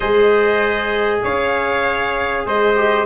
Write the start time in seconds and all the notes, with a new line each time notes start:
0.00 G#3 G#4 C5 D#5
1.23 C#4 C#5 F5
2.45 G#3 C5 D#5
2.75 G4